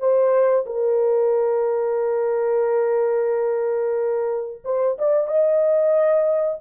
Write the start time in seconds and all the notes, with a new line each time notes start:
0.00 C5
0.67 A#4
4.65 C5
4.99 D5
5.28 D#5